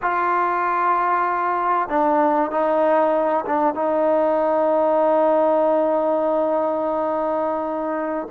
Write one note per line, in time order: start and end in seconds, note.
0.02 1.88 F4
1.88 2.51 D4
2.51 3.44 D#4
3.45 3.74 D4
3.74 8.27 D#4